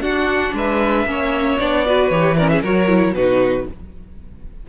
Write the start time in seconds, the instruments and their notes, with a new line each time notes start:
0.00 cello D4, viola D4, violin F#4 F#5
0.53 cello G#3, violin B4 E5
1.06 cello A#3, viola C#4, violin C#5
1.59 cello B3, viola D4, violin D5
1.85 viola F#4, violin B4
2.09 cello E3, viola G4, violin C#5
2.37 viola C#4, violin A#4 D5
2.48 violin G#4 E5
2.61 cello F#3, viola F#4, violin A#4 C#5
2.87 viola E4
3.12 cello B2, viola D#4, violin F#4 B4